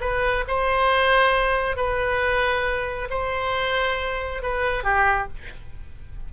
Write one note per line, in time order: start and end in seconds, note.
0.00 0.44 B4
0.47 1.76 C5
1.76 3.08 B4
3.09 4.42 C5
4.42 4.83 B4
4.83 5.27 G4